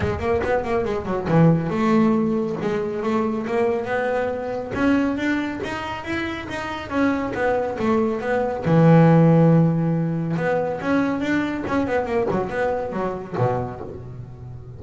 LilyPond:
\new Staff \with { instrumentName = "double bass" } { \time 4/4 \tempo 4 = 139 gis8 ais8 b8 ais8 gis8 fis8 e4 | a2 gis4 a4 | ais4 b2 cis'4 | d'4 dis'4 e'4 dis'4 |
cis'4 b4 a4 b4 | e1 | b4 cis'4 d'4 cis'8 b8 | ais8 fis8 b4 fis4 b,4 | }